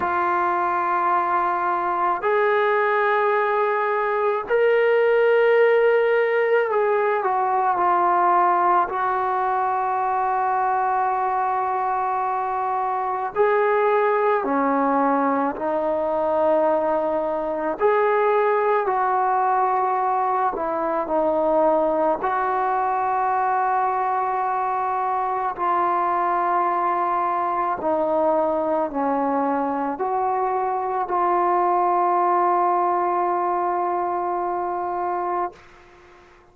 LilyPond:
\new Staff \with { instrumentName = "trombone" } { \time 4/4 \tempo 4 = 54 f'2 gis'2 | ais'2 gis'8 fis'8 f'4 | fis'1 | gis'4 cis'4 dis'2 |
gis'4 fis'4. e'8 dis'4 | fis'2. f'4~ | f'4 dis'4 cis'4 fis'4 | f'1 | }